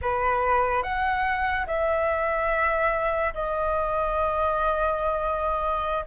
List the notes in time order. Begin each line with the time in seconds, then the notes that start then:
0.01 B4
0.82 F#5
1.67 E5
3.33 D#5